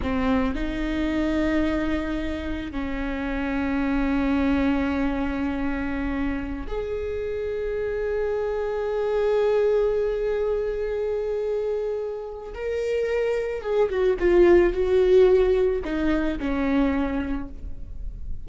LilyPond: \new Staff \with { instrumentName = "viola" } { \time 4/4 \tempo 4 = 110 c'4 dis'2.~ | dis'4 cis'2.~ | cis'1~ | cis'16 gis'2.~ gis'8.~ |
gis'1~ | gis'2. ais'4~ | ais'4 gis'8 fis'8 f'4 fis'4~ | fis'4 dis'4 cis'2 | }